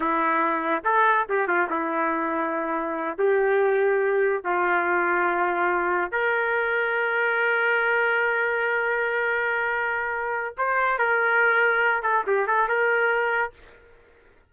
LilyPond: \new Staff \with { instrumentName = "trumpet" } { \time 4/4 \tempo 4 = 142 e'2 a'4 g'8 f'8 | e'2.~ e'8 g'8~ | g'2~ g'8 f'4.~ | f'2~ f'8 ais'4.~ |
ais'1~ | ais'1~ | ais'4 c''4 ais'2~ | ais'8 a'8 g'8 a'8 ais'2 | }